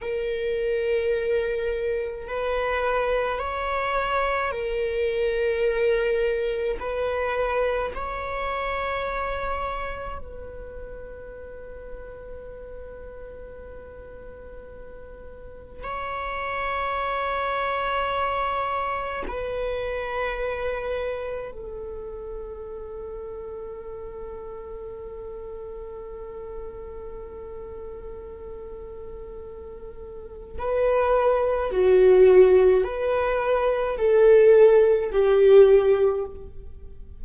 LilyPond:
\new Staff \with { instrumentName = "viola" } { \time 4/4 \tempo 4 = 53 ais'2 b'4 cis''4 | ais'2 b'4 cis''4~ | cis''4 b'2.~ | b'2 cis''2~ |
cis''4 b'2 a'4~ | a'1~ | a'2. b'4 | fis'4 b'4 a'4 g'4 | }